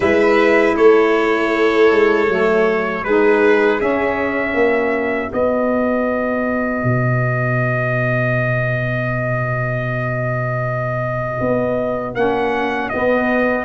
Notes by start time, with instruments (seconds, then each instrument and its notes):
0.00 tuba G#3, saxophone E4, violin B4, trumpet E5
0.76 tuba A3, violin A4, trumpet C#5
1.91 tuba G#3
2.27 tuba F#3, saxophone A3
3.03 tuba G#3, saxophone D#4, violin G#4, trumpet B4
3.79 saxophone C#4, tuba C#4, trumpet E5
4.54 tuba A#3, violin F#4
5.31 saxophone B3, tuba B3, trumpet D#5
6.83 tuba B2
11.40 tuba B3
12.14 tuba A#3, saxophone C#4, trumpet F#5
12.89 saxophone B3, tuba B3, trumpet D#5